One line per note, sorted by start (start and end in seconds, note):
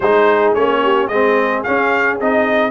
0.00 0.53 G#3
0.00 0.56 D#4
0.00 0.81 G#4
0.00 0.53 C5
0.54 1.09 A#3
0.54 1.11 C#4
0.54 1.07 C#5
0.83 1.09 G4
1.07 1.63 G#3
1.07 1.65 C4
1.07 2.70 G#4
1.07 1.62 D#5
1.63 2.19 C#4
1.63 2.20 C#4
1.63 2.17 F5
2.20 2.70 C4
2.20 2.70 D#4
2.20 2.70 D#5